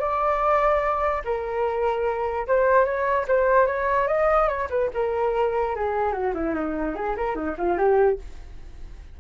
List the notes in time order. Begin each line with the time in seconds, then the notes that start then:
0.00 D5
1.25 A#4
2.47 C5
2.85 C#5
3.28 C5
3.67 C#5
4.08 D#5
4.48 C#5
4.70 B4
4.94 A#4
5.76 G#4
6.13 F#4
6.35 E4
6.55 D#4
6.96 G#4
7.17 A#4
7.35 D#4
7.58 F4
7.78 G4